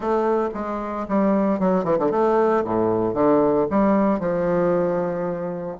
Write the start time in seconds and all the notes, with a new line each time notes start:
0.00 A3
0.54 G#3
1.08 G3
1.59 F#3
1.84 E3
1.99 D3
2.11 A3
2.64 A2
3.14 D3
3.70 G3
4.19 F3